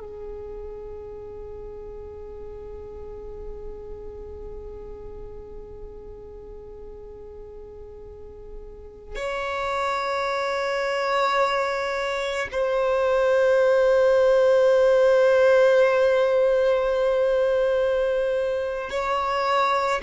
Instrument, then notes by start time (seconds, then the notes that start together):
violin
0.00 G#4
9.16 C#5
12.52 C5
18.91 C#5